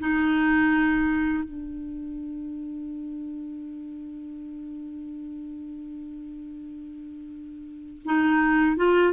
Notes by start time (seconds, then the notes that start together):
0.00 D#4
1.44 D4
8.05 D#4
8.77 F4